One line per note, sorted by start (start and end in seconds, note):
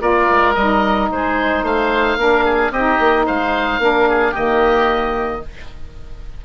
0.00 0.28 A#3
0.00 0.54 F4
0.00 1.10 A#4
0.00 0.55 D5
0.30 0.56 G#3
0.55 1.10 G3
0.55 2.18 D#4
0.55 1.09 D#5
1.11 1.63 G#3
1.11 1.64 G#4
1.11 1.66 C5
1.63 2.17 A3
1.63 2.18 C5
1.63 2.73 F5
2.17 2.71 A#3
2.17 2.73 D4
2.17 2.45 A#4
2.45 2.72 G#4
2.71 2.98 C4
2.71 3.26 G4
2.71 3.27 D#5
2.77 3.81 D#4
3.00 3.27 A#3
3.26 3.79 G#3
3.26 3.80 C5
3.26 4.35 F5
3.79 4.33 A#3
3.79 4.33 D4
3.79 4.09 A#4
4.09 4.32 G#4
4.32 5.45 D#3
4.32 5.42 A#3
4.32 5.40 G4
4.32 5.43 D#5